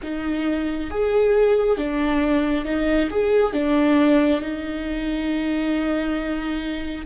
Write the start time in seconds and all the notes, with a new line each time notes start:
0.02 D#4
0.90 G#4
1.77 D4
2.64 D#4
3.10 G#4
3.53 D4
4.41 D#4